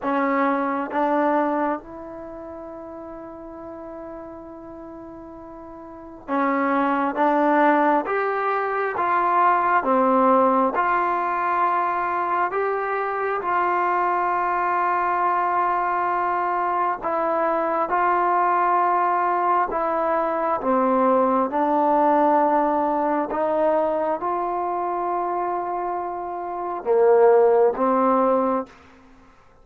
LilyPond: \new Staff \with { instrumentName = "trombone" } { \time 4/4 \tempo 4 = 67 cis'4 d'4 e'2~ | e'2. cis'4 | d'4 g'4 f'4 c'4 | f'2 g'4 f'4~ |
f'2. e'4 | f'2 e'4 c'4 | d'2 dis'4 f'4~ | f'2 ais4 c'4 | }